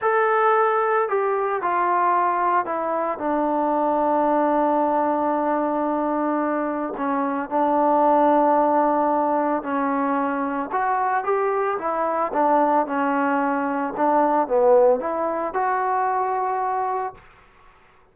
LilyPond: \new Staff \with { instrumentName = "trombone" } { \time 4/4 \tempo 4 = 112 a'2 g'4 f'4~ | f'4 e'4 d'2~ | d'1~ | d'4 cis'4 d'2~ |
d'2 cis'2 | fis'4 g'4 e'4 d'4 | cis'2 d'4 b4 | e'4 fis'2. | }